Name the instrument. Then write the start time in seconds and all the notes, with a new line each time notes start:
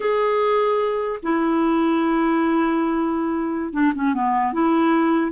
clarinet
0.00 G#4
1.22 E4
3.72 D4
3.95 C#4
4.13 B3
4.52 E4